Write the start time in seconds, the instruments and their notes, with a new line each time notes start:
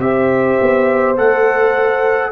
0.00 tuba C4, trombone G4, horn C5, trumpet E5
0.61 tuba B3
1.17 tuba A3, trombone A4, trumpet F#5